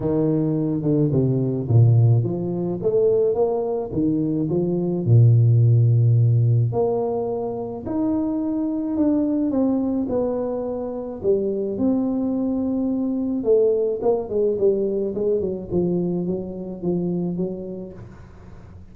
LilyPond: \new Staff \with { instrumentName = "tuba" } { \time 4/4 \tempo 4 = 107 dis4. d8 c4 ais,4 | f4 a4 ais4 dis4 | f4 ais,2. | ais2 dis'2 |
d'4 c'4 b2 | g4 c'2. | a4 ais8 gis8 g4 gis8 fis8 | f4 fis4 f4 fis4 | }